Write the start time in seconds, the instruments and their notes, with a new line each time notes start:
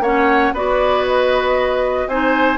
0.00 bassoon A#3, clarinet C#4, oboe C#5, flute F#5
0.53 bassoon B3, clarinet F#4, oboe B4, flute D5
1.07 flute D#5
2.07 bassoon C4, clarinet D#4, oboe C5, flute G#5